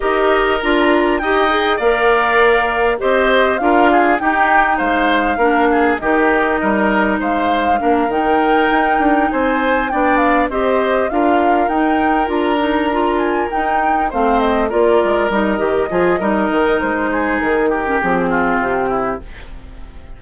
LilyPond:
<<
  \new Staff \with { instrumentName = "flute" } { \time 4/4 \tempo 4 = 100 dis''4 ais''4 g''4 f''4~ | f''4 dis''4 f''4 g''4 | f''2 dis''2 | f''4. g''2 gis''8~ |
gis''8 g''8 f''8 dis''4 f''4 g''8~ | g''8 ais''4. gis''8 g''4 f''8 | dis''8 d''4 dis''2~ dis''8 | c''4 ais'4 gis'4 g'4 | }
  \new Staff \with { instrumentName = "oboe" } { \time 4/4 ais'2 dis''4 d''4~ | d''4 c''4 ais'8 gis'8 g'4 | c''4 ais'8 gis'8 g'4 ais'4 | c''4 ais'2~ ais'8 c''8~ |
c''8 d''4 c''4 ais'4.~ | ais'2.~ ais'8 c''8~ | c''8 ais'2 gis'8 ais'4~ | ais'8 gis'4 g'4 f'4 e'8 | }
  \new Staff \with { instrumentName = "clarinet" } { \time 4/4 g'4 f'4 g'8 gis'8 ais'4~ | ais'4 g'4 f'4 dis'4~ | dis'4 d'4 dis'2~ | dis'4 d'8 dis'2~ dis'8~ |
dis'8 d'4 g'4 f'4 dis'8~ | dis'8 f'8 dis'8 f'4 dis'4 c'8~ | c'8 f'4 dis'8 g'8 f'8 dis'4~ | dis'4.~ dis'16 cis'16 c'2 | }
  \new Staff \with { instrumentName = "bassoon" } { \time 4/4 dis'4 d'4 dis'4 ais4~ | ais4 c'4 d'4 dis'4 | gis4 ais4 dis4 g4 | gis4 ais8 dis4 dis'8 d'8 c'8~ |
c'8 b4 c'4 d'4 dis'8~ | dis'8 d'2 dis'4 a8~ | a8 ais8 gis8 g8 dis8 f8 g8 dis8 | gis4 dis4 f4 c4 | }
>>